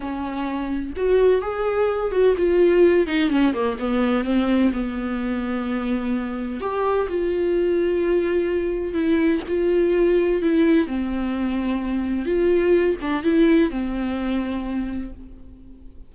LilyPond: \new Staff \with { instrumentName = "viola" } { \time 4/4 \tempo 4 = 127 cis'2 fis'4 gis'4~ | gis'8 fis'8 f'4. dis'8 cis'8 ais8 | b4 c'4 b2~ | b2 g'4 f'4~ |
f'2. e'4 | f'2 e'4 c'4~ | c'2 f'4. d'8 | e'4 c'2. | }